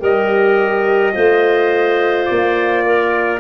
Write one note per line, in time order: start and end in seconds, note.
0.00 1.15 G3
0.00 1.13 G4
0.00 1.13 A#4
0.00 2.25 D#5
1.13 2.29 A3
1.13 3.39 F4
1.13 2.84 C5
2.25 3.40 A#3
2.25 3.38 D5
2.85 3.40 A#4